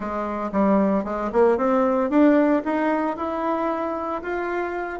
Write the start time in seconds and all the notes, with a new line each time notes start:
0.00 G#3
0.52 G3
1.04 G#3
1.32 A#3
1.57 C4
2.09 D4
2.64 D#4
3.16 E4
4.22 F4